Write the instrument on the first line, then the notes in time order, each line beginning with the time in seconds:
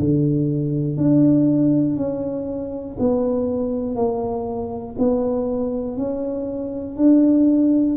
tuba
0.00 D3
0.97 D4
1.97 C#4
3.00 B3
3.96 A#3
4.99 B3
5.97 C#4
6.97 D4